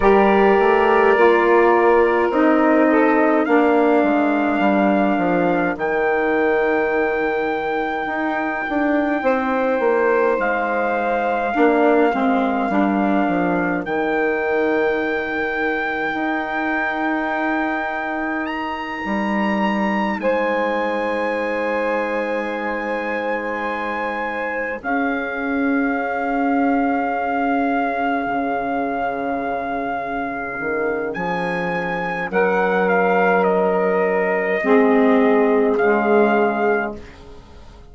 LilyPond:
<<
  \new Staff \with { instrumentName = "trumpet" } { \time 4/4 \tempo 4 = 52 d''2 dis''4 f''4~ | f''4 g''2.~ | g''4 f''2. | g''1 |
ais''4. gis''2~ gis''8~ | gis''4. f''2~ f''8~ | f''2. gis''4 | fis''8 f''8 dis''2 f''4 | }
  \new Staff \with { instrumentName = "saxophone" } { \time 4/4 ais'2~ ais'8 a'8 ais'4~ | ais'1 | c''2 ais'2~ | ais'1~ |
ais'4. c''2~ c''8~ | c''4. gis'2~ gis'8~ | gis'1 | ais'2 gis'2 | }
  \new Staff \with { instrumentName = "saxophone" } { \time 4/4 g'4 f'4 dis'4 d'4~ | d'4 dis'2.~ | dis'2 d'8 c'8 d'4 | dis'1~ |
dis'1~ | dis'4. cis'2~ cis'8~ | cis'1~ | cis'2 c'4 gis4 | }
  \new Staff \with { instrumentName = "bassoon" } { \time 4/4 g8 a8 ais4 c'4 ais8 gis8 | g8 f8 dis2 dis'8 d'8 | c'8 ais8 gis4 ais8 gis8 g8 f8 | dis2 dis'2~ |
dis'8 g4 gis2~ gis8~ | gis4. cis'2~ cis'8~ | cis'8 cis2 dis8 f4 | fis2 gis4 cis4 | }
>>